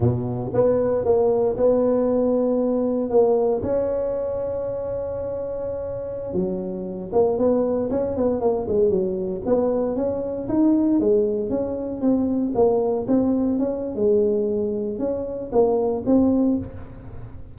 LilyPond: \new Staff \with { instrumentName = "tuba" } { \time 4/4 \tempo 4 = 116 b,4 b4 ais4 b4~ | b2 ais4 cis'4~ | cis'1~ | cis'16 fis4. ais8 b4 cis'8 b16~ |
b16 ais8 gis8 fis4 b4 cis'8.~ | cis'16 dis'4 gis4 cis'4 c'8.~ | c'16 ais4 c'4 cis'8. gis4~ | gis4 cis'4 ais4 c'4 | }